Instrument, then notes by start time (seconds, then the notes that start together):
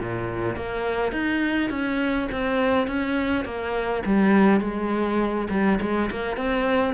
cello
0.00 A#2
0.56 A#3
1.12 D#4
1.71 C#4
2.32 C4
2.88 C#4
3.45 A#3
4.06 G3
4.61 G#3
5.50 G3
5.81 G#3
6.11 A#3
6.37 C4